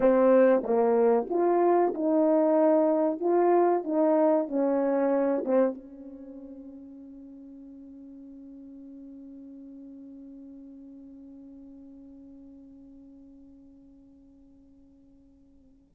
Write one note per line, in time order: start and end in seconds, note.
0.00 0.63 C4
0.63 1.27 A#3
1.29 1.93 F4
1.94 3.20 D#4
3.20 3.84 F4
3.84 4.47 D#4
4.48 5.43 C#4
5.45 5.74 C4
5.74 15.95 C#4